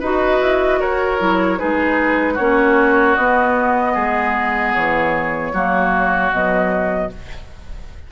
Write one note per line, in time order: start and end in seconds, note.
0.00 0.41 D#4
0.00 1.19 F#4
0.00 0.79 B4
0.00 0.81 D#5
0.41 0.80 E4
0.80 1.21 F#4
0.80 1.59 A#4
0.80 1.59 C#5
1.19 1.60 F#3
1.19 1.58 E4
1.58 2.39 G#3
1.58 2.37 D#4
1.58 2.34 G#4
1.58 2.37 B4
2.34 3.17 A#3
2.34 3.18 C#4
2.34 3.92 F#4
2.34 3.15 C#5
3.15 3.96 B3
3.15 5.54 B3
3.15 4.73 D#5
3.94 4.75 G#3
3.94 5.52 G#4
4.74 5.53 E3
4.74 6.32 C#5
5.53 6.31 F#3
5.53 6.32 A#3
5.53 7.11 F#4
6.31 7.10 B2
6.31 7.11 F#3
6.31 7.12 D#5